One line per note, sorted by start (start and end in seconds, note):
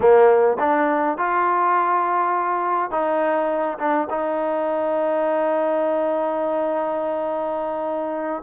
0.00 0.57 A#3
0.59 1.17 D4
1.17 2.90 F4
2.90 3.78 D#4
3.79 4.08 D4
4.10 8.43 D#4